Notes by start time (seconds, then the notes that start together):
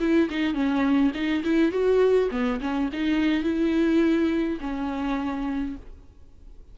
0.00 E4
0.30 D#4
0.54 C#4
1.15 D#4
1.44 E4
1.72 F#4
2.31 B3
2.61 C#4
2.93 D#4
3.44 E4
4.61 C#4